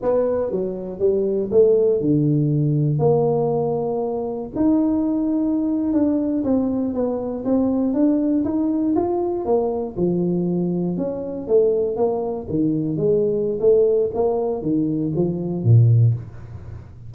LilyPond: \new Staff \with { instrumentName = "tuba" } { \time 4/4 \tempo 4 = 119 b4 fis4 g4 a4 | d2 ais2~ | ais4 dis'2~ dis'8. d'16~ | d'8. c'4 b4 c'4 d'16~ |
d'8. dis'4 f'4 ais4 f16~ | f4.~ f16 cis'4 a4 ais16~ | ais8. dis4 gis4~ gis16 a4 | ais4 dis4 f4 ais,4 | }